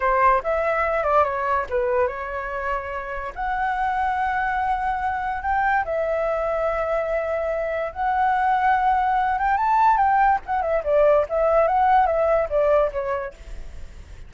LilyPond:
\new Staff \with { instrumentName = "flute" } { \time 4/4 \tempo 4 = 144 c''4 e''4. d''8 cis''4 | b'4 cis''2. | fis''1~ | fis''4 g''4 e''2~ |
e''2. fis''4~ | fis''2~ fis''8 g''8 a''4 | g''4 fis''8 e''8 d''4 e''4 | fis''4 e''4 d''4 cis''4 | }